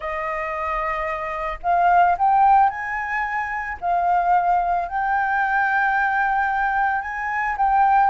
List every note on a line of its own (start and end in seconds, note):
0.00 1.58 D#5
1.62 2.16 F5
2.18 2.69 G5
2.69 3.77 G#5
3.80 4.88 F5
4.88 7.01 G5
7.01 7.55 G#5
7.57 8.09 G5